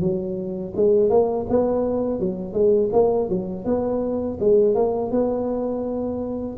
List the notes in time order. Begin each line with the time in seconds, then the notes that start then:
0.00 F#3
0.76 G#3
1.09 A#3
1.49 B3
2.20 F#3
2.53 G#3
2.92 A#3
3.29 F#3
3.65 B3
4.40 G#3
4.75 A#3
5.11 B3